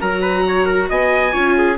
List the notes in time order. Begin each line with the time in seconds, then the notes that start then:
0.00 F#3 F#4 A#4 A#5
0.22 B4
0.48 C#5
0.66 A#4
0.89 B3 D#5 G#5
1.33 C#4 F4 C#5
1.58 G#4